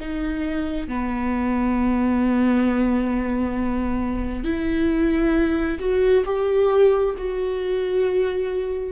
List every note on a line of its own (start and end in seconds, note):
0.00 0.88 D#4
0.88 4.44 B3
4.44 5.78 E4
5.79 6.24 F#4
6.25 7.15 G4
7.18 8.92 F#4